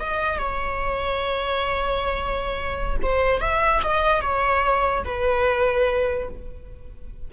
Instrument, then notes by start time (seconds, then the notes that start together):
viola
0.00 D#5
0.38 C#5
3.02 C5
3.41 E5
3.83 D#5
4.22 C#5
5.04 B4